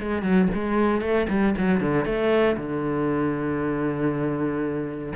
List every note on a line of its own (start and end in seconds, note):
0.00 0.23 G#3
0.23 0.48 F#3
0.54 1.01 G#3
1.01 1.27 A3
1.29 1.55 G3
1.58 1.80 F#3
1.80 2.05 D3
2.05 2.56 A3
2.57 5.13 D3